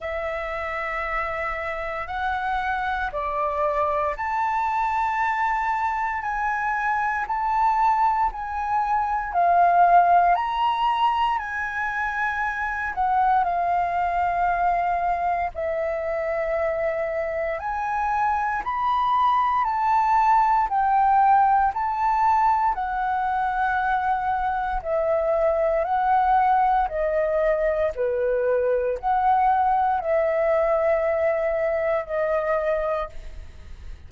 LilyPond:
\new Staff \with { instrumentName = "flute" } { \time 4/4 \tempo 4 = 58 e''2 fis''4 d''4 | a''2 gis''4 a''4 | gis''4 f''4 ais''4 gis''4~ | gis''8 fis''8 f''2 e''4~ |
e''4 gis''4 b''4 a''4 | g''4 a''4 fis''2 | e''4 fis''4 dis''4 b'4 | fis''4 e''2 dis''4 | }